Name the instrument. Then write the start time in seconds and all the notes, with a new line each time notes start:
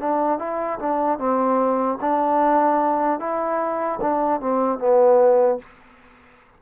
trombone
0.00 D4
0.39 E4
0.80 D4
1.19 C4
2.01 D4
3.20 E4
4.01 D4
4.41 C4
4.79 B3